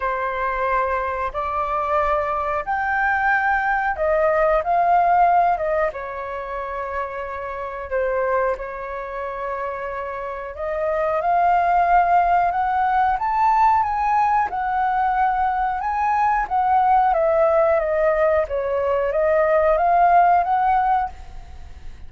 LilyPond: \new Staff \with { instrumentName = "flute" } { \time 4/4 \tempo 4 = 91 c''2 d''2 | g''2 dis''4 f''4~ | f''8 dis''8 cis''2. | c''4 cis''2. |
dis''4 f''2 fis''4 | a''4 gis''4 fis''2 | gis''4 fis''4 e''4 dis''4 | cis''4 dis''4 f''4 fis''4 | }